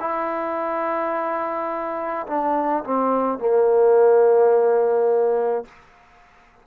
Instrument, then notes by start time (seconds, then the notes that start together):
trombone
0.00 E4
2.27 D4
2.84 C4
3.39 A#3